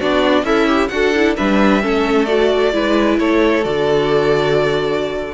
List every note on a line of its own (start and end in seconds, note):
0.00 0.43 B3
0.00 0.45 D4
0.00 0.45 F#4
0.00 0.45 D5
0.43 0.89 C#4
0.43 0.90 E4
0.43 0.68 A4
0.43 0.88 E5
0.68 0.90 G4
0.88 1.36 D4
0.88 1.14 F#4
0.88 1.37 A4
0.88 1.34 F#5
1.15 1.36 E4
1.36 1.85 G3
1.36 1.81 D4
1.36 1.82 B4
1.36 2.25 E5
1.81 2.73 A3
1.81 2.27 C#4
1.81 2.73 A4
2.25 2.73 F#4
2.25 3.16 D5
2.73 3.19 G#3
2.73 3.63 E4
2.73 3.20 B4
3.19 3.65 A3
3.19 5.34 A4
3.19 3.64 C#5
3.63 5.34 D3
3.63 5.33 F#4
3.63 5.34 D5